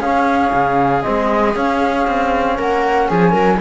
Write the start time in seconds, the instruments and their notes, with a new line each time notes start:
0.00 cello C#4, trombone C#4, viola G#4, flute F5
0.53 cello C#3
1.02 cello G#3, trombone C4, flute D#5
1.54 trombone C#4, cello C#4, flute F5
2.07 cello C4
2.57 cello A#3, viola A#4, flute F#5
3.08 cello F3, viola G#4, flute G#5
3.32 cello F#3, viola A#4